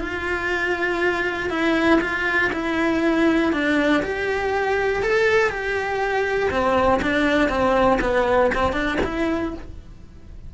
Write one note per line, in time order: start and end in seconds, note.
0.00 1.50 F4
1.50 2.00 E4
2.01 2.51 F4
2.53 3.53 E4
3.53 4.03 D4
4.03 5.03 G4
5.03 5.50 A4
5.50 6.50 G4
6.51 7.01 C4
7.02 7.49 D4
7.49 7.99 C4
8.01 8.51 B3
8.55 8.73 C4
8.73 8.98 D4
9.04 9.54 E4